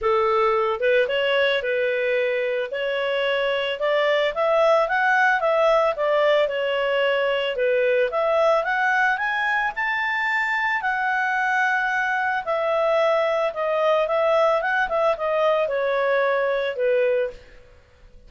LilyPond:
\new Staff \with { instrumentName = "clarinet" } { \time 4/4 \tempo 4 = 111 a'4. b'8 cis''4 b'4~ | b'4 cis''2 d''4 | e''4 fis''4 e''4 d''4 | cis''2 b'4 e''4 |
fis''4 gis''4 a''2 | fis''2. e''4~ | e''4 dis''4 e''4 fis''8 e''8 | dis''4 cis''2 b'4 | }